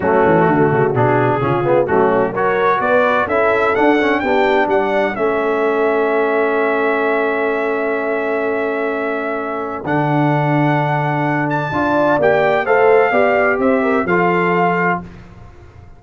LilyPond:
<<
  \new Staff \with { instrumentName = "trumpet" } { \time 4/4 \tempo 4 = 128 fis'2 gis'2 | fis'4 cis''4 d''4 e''4 | fis''4 g''4 fis''4 e''4~ | e''1~ |
e''1~ | e''4 fis''2.~ | fis''8 a''4. g''4 f''4~ | f''4 e''4 f''2 | }
  \new Staff \with { instrumentName = "horn" } { \time 4/4 cis'4 fis'2 f'4 | cis'4 ais'4 b'4 a'4~ | a'4 g'4 d''4 a'4~ | a'1~ |
a'1~ | a'1~ | a'4 d''2 c''4 | d''4 c''8 ais'8 a'2 | }
  \new Staff \with { instrumentName = "trombone" } { \time 4/4 a2 d'4 cis'8 b8 | a4 fis'2 e'4 | d'8 cis'8 d'2 cis'4~ | cis'1~ |
cis'1~ | cis'4 d'2.~ | d'4 f'4 g'4 a'4 | g'2 f'2 | }
  \new Staff \with { instrumentName = "tuba" } { \time 4/4 fis8 e8 d8 cis8 b,4 cis4 | fis2 b4 cis'4 | d'4 b4 g4 a4~ | a1~ |
a1~ | a4 d2.~ | d4 d'4 ais4 a4 | b4 c'4 f2 | }
>>